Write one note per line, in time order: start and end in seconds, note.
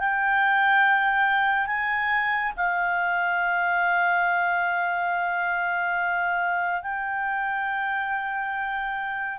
0.00 1.67 G5
1.67 2.53 G#5
2.57 6.83 F5
6.83 9.40 G5